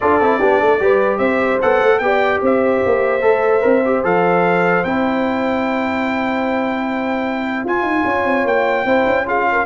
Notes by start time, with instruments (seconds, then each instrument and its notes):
0.00 tuba D4, trombone F4, horn A4, trumpet D5
0.20 tuba C4, trombone E4
0.39 tuba B3, trombone D4, horn G4
0.59 tuba A3, horn A4
0.79 tuba G3, trombone G4, horn B4
1.18 tuba C4, horn C5, trumpet E5
1.61 tuba B3, trombone A4, trumpet F#5
1.80 tuba A3
1.99 tuba B3, trombone G4, horn D5, trumpet G5
2.41 tuba C4, horn C5, trumpet E5
2.85 tuba A#3
3.21 tuba A3, trombone A4
3.61 tuba C4, trombone A#4
3.85 trombone G4
4.03 tuba F3, trombone A4, trumpet F5
4.84 tuba C4, trombone E4, trumpet G5
7.64 tuba F4, trombone F4, trumpet G#5
7.82 tuba D#4
8.05 tuba C#4, horn C#5
8.24 tuba C4
8.44 tuba A#3, trumpet G5
8.84 tuba C4, trombone E4, horn C5
9.05 tuba C#4
9.25 trombone F4, horn G#4, trumpet F5
9.51 horn A#4